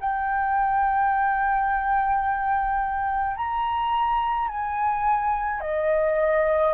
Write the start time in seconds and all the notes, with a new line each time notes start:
0.00 G5
3.36 A#5
4.48 G#5
5.60 D#5